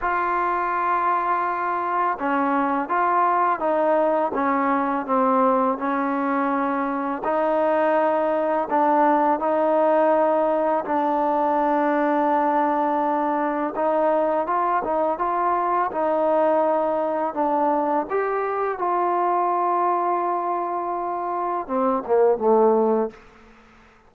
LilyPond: \new Staff \with { instrumentName = "trombone" } { \time 4/4 \tempo 4 = 83 f'2. cis'4 | f'4 dis'4 cis'4 c'4 | cis'2 dis'2 | d'4 dis'2 d'4~ |
d'2. dis'4 | f'8 dis'8 f'4 dis'2 | d'4 g'4 f'2~ | f'2 c'8 ais8 a4 | }